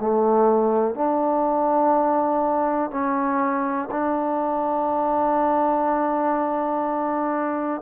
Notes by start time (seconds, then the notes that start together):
0.00 A3
0.95 D4
2.91 C#4
3.91 D4